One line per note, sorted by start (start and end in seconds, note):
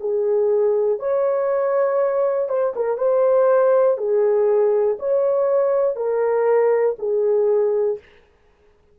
0.00 0.99 G#4
0.99 2.49 C#5
2.49 2.74 C5
2.76 2.98 A#4
2.98 3.98 C5
3.98 4.98 G#4
4.99 5.96 C#5
5.96 6.96 A#4
6.99 7.99 G#4